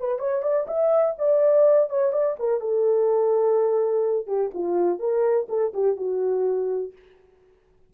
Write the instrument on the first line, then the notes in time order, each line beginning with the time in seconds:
horn
0.00 B4
0.20 C#5
0.43 D5
0.68 E5
1.19 D5
1.90 C#5
2.13 D5
2.40 A#4
2.61 A4
4.28 G4
4.54 F4
5.00 A#4
5.49 A4
5.74 G4
5.97 F#4